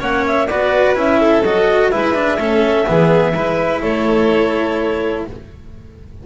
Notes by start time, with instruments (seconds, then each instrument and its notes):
0.00 double bass A#3, cello C#4, violin C#5, clarinet F#5
0.27 clarinet E5
0.48 double bass B3, cello F#4, violin B4, clarinet D5
0.95 double bass C#4, cello E4, clarinet E5
1.20 violin A4
1.43 double bass F#3, cello F#4, clarinet D#5
1.91 double bass G#3, cello E4, violin B4, clarinet E5
2.15 cello D4
2.38 double bass A3, cello C#4, violin A4
2.86 double bass E3, cello B3, violin G#4
3.34 double bass G#3, cello E4, violin B4
3.82 double bass A3, violin A4, clarinet C#5